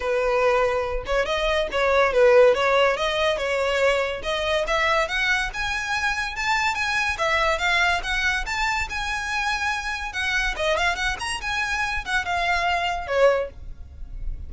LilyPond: \new Staff \with { instrumentName = "violin" } { \time 4/4 \tempo 4 = 142 b'2~ b'8 cis''8 dis''4 | cis''4 b'4 cis''4 dis''4 | cis''2 dis''4 e''4 | fis''4 gis''2 a''4 |
gis''4 e''4 f''4 fis''4 | a''4 gis''2. | fis''4 dis''8 f''8 fis''8 ais''8 gis''4~ | gis''8 fis''8 f''2 cis''4 | }